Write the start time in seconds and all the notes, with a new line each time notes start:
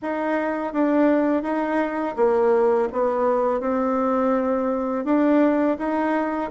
0.02 D#4
0.73 D4
1.43 D#4
2.16 A#3
2.92 B3
3.60 C4
5.04 D4
5.78 D#4